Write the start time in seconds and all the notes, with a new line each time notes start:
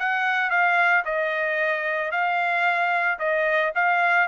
0.00 F#5
0.50 F5
1.05 D#5
2.12 F5
3.19 D#5
3.75 F5